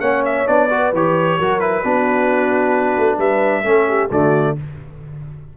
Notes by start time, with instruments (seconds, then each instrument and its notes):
0.00 tuba A#3, trombone C#4, horn C#5, trumpet F#5
0.25 trumpet E5
0.46 tuba B3, trombone D4, trumpet D5
0.69 trombone F#4, horn B4
0.93 tuba E3, trombone G4, trumpet C#5
1.38 tuba F#3, trombone F#4, horn A#4
1.60 trombone E4, trumpet B4
1.84 tuba B3, trombone D4, horn F#4
2.97 tuba A3
3.17 tuba G3, horn B4, trumpet E5
3.63 tuba A3, trombone C#4, horn A4
3.88 horn G4
4.10 tuba D3, trombone A3, horn F#4, trumpet D5